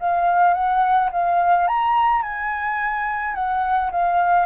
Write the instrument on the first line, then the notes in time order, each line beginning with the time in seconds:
flute
0.00 F5
0.54 F#5
1.12 F5
1.67 A#5
2.23 G#5
3.35 F#5
3.91 F5